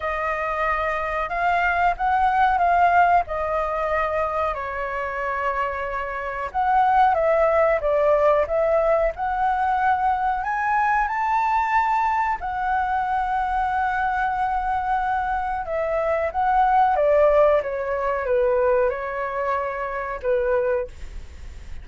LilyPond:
\new Staff \with { instrumentName = "flute" } { \time 4/4 \tempo 4 = 92 dis''2 f''4 fis''4 | f''4 dis''2 cis''4~ | cis''2 fis''4 e''4 | d''4 e''4 fis''2 |
gis''4 a''2 fis''4~ | fis''1 | e''4 fis''4 d''4 cis''4 | b'4 cis''2 b'4 | }